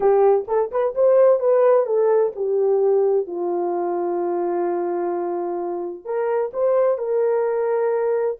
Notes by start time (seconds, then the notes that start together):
0.00 G4
0.47 A4
0.71 B4
0.94 C5
1.39 B4
1.86 A4
2.35 G4
3.26 F4
6.04 A#4
6.53 C5
6.98 A#4